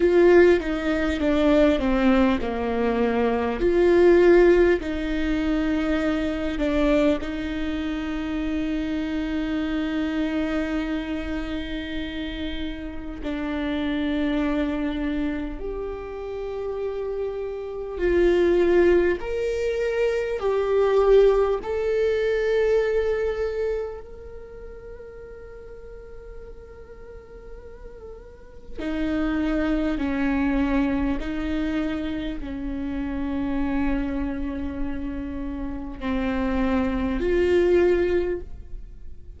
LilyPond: \new Staff \with { instrumentName = "viola" } { \time 4/4 \tempo 4 = 50 f'8 dis'8 d'8 c'8 ais4 f'4 | dis'4. d'8 dis'2~ | dis'2. d'4~ | d'4 g'2 f'4 |
ais'4 g'4 a'2 | ais'1 | dis'4 cis'4 dis'4 cis'4~ | cis'2 c'4 f'4 | }